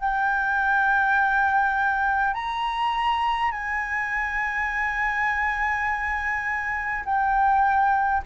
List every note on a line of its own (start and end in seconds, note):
0.00 2.34 G5
2.34 3.52 A#5
3.52 7.05 G#5
7.05 8.23 G5